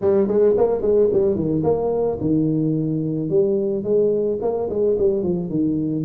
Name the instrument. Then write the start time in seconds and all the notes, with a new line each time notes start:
tuba
0.01 G3
0.27 G#3
0.57 A#3
0.81 G#3
1.12 G3
1.35 D#3
1.63 A#3
2.20 D#3
3.29 G3
3.83 G#3
4.41 A#3
4.69 G#3
4.98 G3
5.23 F3
5.49 D#3